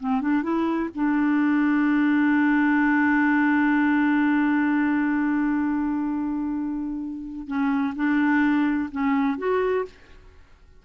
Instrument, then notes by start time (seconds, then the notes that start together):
clarinet
0.00 C4
0.21 D4
0.43 E4
0.95 D4
7.47 C#4
7.96 D4
8.92 C#4
9.38 F#4